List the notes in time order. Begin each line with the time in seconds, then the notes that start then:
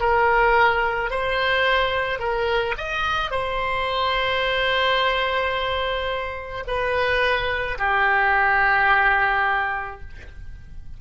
0.00 A#4
1.11 C5
2.19 A#4
2.78 D#5
3.31 C5
6.67 B4
7.78 G4